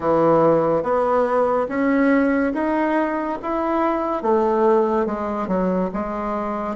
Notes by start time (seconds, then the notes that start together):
0.00 E3
0.82 B3
1.68 C#4
2.54 D#4
3.42 E4
4.22 A3
5.06 G#3
5.47 F#3
5.93 G#3